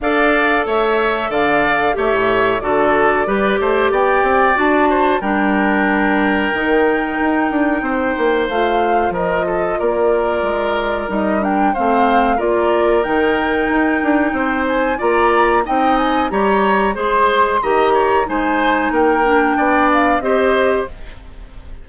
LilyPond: <<
  \new Staff \with { instrumentName = "flute" } { \time 4/4 \tempo 4 = 92 f''4 e''4 f''4 e''4 | d''2 g''4 a''4 | g''1~ | g''4 f''4 dis''4 d''4~ |
d''4 dis''8 g''8 f''4 d''4 | g''2~ g''8 gis''8 ais''4 | g''8 gis''8 ais''4 c'''4 ais''4 | gis''4 g''4. f''8 dis''4 | }
  \new Staff \with { instrumentName = "oboe" } { \time 4/4 d''4 cis''4 d''4 cis''4 | a'4 b'8 c''8 d''4. c''8 | ais'1 | c''2 ais'8 a'8 ais'4~ |
ais'2 c''4 ais'4~ | ais'2 c''4 d''4 | dis''4 cis''4 c''4 dis''8 cis''8 | c''4 ais'4 d''4 c''4 | }
  \new Staff \with { instrumentName = "clarinet" } { \time 4/4 a'2. g'4 | fis'4 g'2 fis'4 | d'2 dis'2~ | dis'4 f'2.~ |
f'4 dis'8 d'8 c'4 f'4 | dis'2. f'4 | dis'4 g'4 gis'4 g'4 | dis'4. d'4. g'4 | }
  \new Staff \with { instrumentName = "bassoon" } { \time 4/4 d'4 a4 d4 a16 a,8. | d4 g8 a8 b8 c'8 d'4 | g2 dis4 dis'8 d'8 | c'8 ais8 a4 f4 ais4 |
gis4 g4 a4 ais4 | dis4 dis'8 d'8 c'4 ais4 | c'4 g4 gis4 dis4 | gis4 ais4 b4 c'4 | }
>>